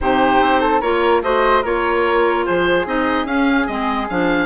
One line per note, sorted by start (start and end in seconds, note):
0.00 0.41 C3
0.00 0.82 D#4
0.00 0.60 G4
0.00 0.81 C5
0.41 0.81 C4
0.60 0.80 A4
0.80 1.22 A#3
0.80 1.23 F4
0.80 1.21 A#4
0.80 1.21 C#5
1.22 1.62 A3
1.22 1.64 F#4
1.22 1.62 C5
1.22 1.64 D#5
1.62 2.46 A#3
1.62 2.86 F4
1.62 2.44 A#4
1.62 2.45 C#5
2.45 2.86 F3
2.45 4.46 G#4
2.45 2.86 C5
2.86 3.24 C4
2.86 3.26 D#4
2.86 3.26 D#5
3.24 3.65 C#4
3.24 3.66 C#4
3.24 3.66 F5
3.66 4.09 G#3
3.66 4.08 C4
3.66 4.07 D#5
4.09 4.46 F3
4.09 4.46 D4
4.09 4.46 F5